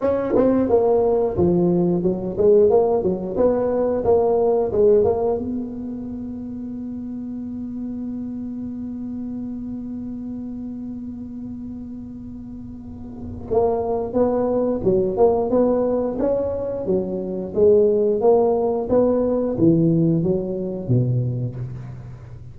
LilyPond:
\new Staff \with { instrumentName = "tuba" } { \time 4/4 \tempo 4 = 89 cis'8 c'8 ais4 f4 fis8 gis8 | ais8 fis8 b4 ais4 gis8 ais8 | b1~ | b1~ |
b1 | ais4 b4 fis8 ais8 b4 | cis'4 fis4 gis4 ais4 | b4 e4 fis4 b,4 | }